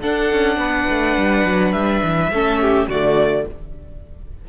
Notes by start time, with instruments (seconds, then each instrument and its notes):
0.00 viola D4, cello D4, violin A4 F#5
0.32 cello C#4
0.57 cello B3, violin B4
0.89 cello A3
1.17 cello G3
1.44 cello F#3
1.72 cello G3, violin E5
2.03 cello E3
2.30 cello A3, viola C#4, violin A4
2.62 violin G4
2.88 cello D3, viola A3, violin F#4 D5